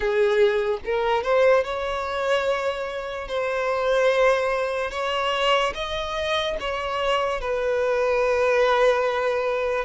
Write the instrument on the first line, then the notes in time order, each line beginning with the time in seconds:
violin
0.00 G#4
0.84 A#4
1.23 C5
1.64 C#5
3.28 C5
4.91 C#5
5.74 D#5
6.59 C#5
7.40 B4